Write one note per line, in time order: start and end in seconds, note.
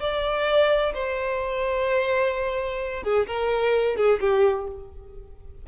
0.00 0.93 D5
0.94 3.03 C5
3.03 3.26 G#4
3.27 3.96 A#4
3.96 4.20 G#4
4.20 4.67 G4